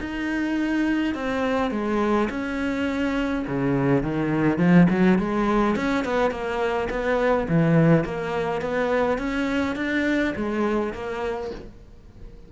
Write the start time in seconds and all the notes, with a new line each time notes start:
0.00 D#4
1.15 C4
1.71 G#3
2.30 C#4
3.47 C#3
4.03 D#3
4.58 F3
4.90 F#3
5.19 G#3
5.76 C#4
6.05 B3
6.31 A#3
6.90 B3
7.48 E3
8.05 A#3
8.61 B3
9.18 C#4
9.76 D4
10.36 G#3
10.93 A#3